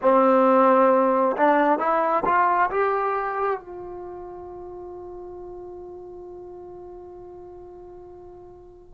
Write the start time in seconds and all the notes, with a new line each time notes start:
0.02 C4
1.36 D4
1.79 E4
2.25 F4
2.70 G4
3.59 F4